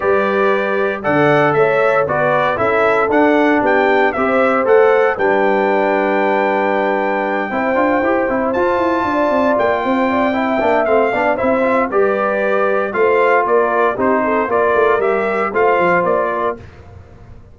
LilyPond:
<<
  \new Staff \with { instrumentName = "trumpet" } { \time 4/4 \tempo 4 = 116 d''2 fis''4 e''4 | d''4 e''4 fis''4 g''4 | e''4 fis''4 g''2~ | g''1~ |
g''8 a''2 g''4.~ | g''4 f''4 e''4 d''4~ | d''4 f''4 d''4 c''4 | d''4 e''4 f''4 d''4 | }
  \new Staff \with { instrumentName = "horn" } { \time 4/4 b'2 d''4 cis''4 | b'4 a'2 g'4 | c''2 b'2~ | b'2~ b'8 c''4.~ |
c''4. d''4. c''8 d''8 | e''4. d''8 c''4 b'4~ | b'4 c''4 ais'4 g'8 a'8 | ais'2 c''4. ais'8 | }
  \new Staff \with { instrumentName = "trombone" } { \time 4/4 g'2 a'2 | fis'4 e'4 d'2 | g'4 a'4 d'2~ | d'2~ d'8 e'8 f'8 g'8 |
e'8 f'2.~ f'8 | e'8 d'8 c'8 d'8 e'8 f'8 g'4~ | g'4 f'2 dis'4 | f'4 g'4 f'2 | }
  \new Staff \with { instrumentName = "tuba" } { \time 4/4 g2 d4 a4 | b4 cis'4 d'4 b4 | c'4 a4 g2~ | g2~ g8 c'8 d'8 e'8 |
c'8 f'8 e'8 d'8 c'8 ais8 c'4~ | c'8 ais8 a8 b8 c'4 g4~ | g4 a4 ais4 c'4 | ais8 a8 g4 a8 f8 ais4 | }
>>